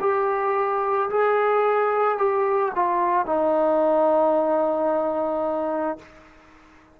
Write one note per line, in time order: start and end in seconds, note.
0.00 1.09 G4
1.09 2.18 G#4
2.18 2.72 G4
2.75 3.25 F4
3.25 5.98 D#4